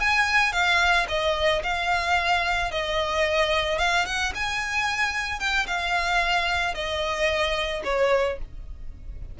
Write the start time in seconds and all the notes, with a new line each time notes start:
0.00 G#5
0.52 F5
1.08 D#5
1.63 F5
2.71 D#5
3.78 F5
4.05 F#5
4.34 G#5
5.39 G5
5.67 F5
6.74 D#5
7.84 C#5